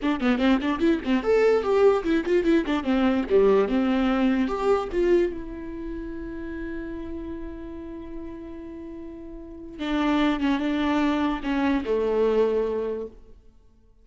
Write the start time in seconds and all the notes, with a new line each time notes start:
0.02 D4
0.20 B3
0.38 C4
0.61 D4
0.79 E4
1.04 C4
1.23 A4
1.63 G4
2.04 E4
2.25 F4
2.44 E4
2.65 D4
2.83 C4
3.29 G3
3.68 C4
4.47 G4
4.91 F4
5.32 E4
9.79 D4
10.40 C#4
10.59 D4
11.43 C#4
11.85 A3